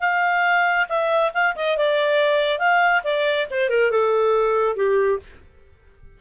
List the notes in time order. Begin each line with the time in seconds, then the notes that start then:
0.00 F5
0.89 E5
1.33 F5
1.55 D#5
1.77 D5
2.59 F5
3.03 D5
3.50 C5
3.69 A#4
3.91 A4
4.76 G4